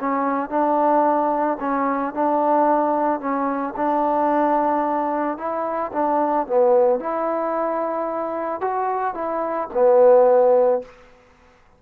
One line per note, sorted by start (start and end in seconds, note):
0.00 0.50 C#4
0.50 1.58 D4
1.60 2.14 C#4
2.14 3.20 D4
3.20 3.74 C#4
3.76 5.38 D4
5.38 5.92 E4
5.93 6.47 D4
6.47 7.00 B3
7.00 8.61 E4
8.61 9.14 F#4
9.14 9.69 E4
9.74 10.82 B3